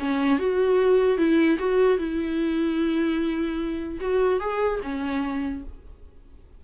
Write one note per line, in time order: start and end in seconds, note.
0.00 0.39 C#4
0.39 1.18 F#4
1.18 1.58 E4
1.59 1.98 F#4
1.98 4.00 E4
4.01 4.40 F#4
4.40 4.80 G#4
4.83 5.64 C#4